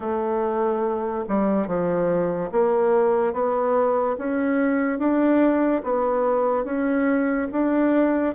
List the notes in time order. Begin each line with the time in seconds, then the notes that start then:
0.00 A3
1.28 G3
1.67 F3
2.51 A#3
3.33 B3
4.17 C#4
4.98 D4
5.83 B3
6.64 C#4
7.52 D4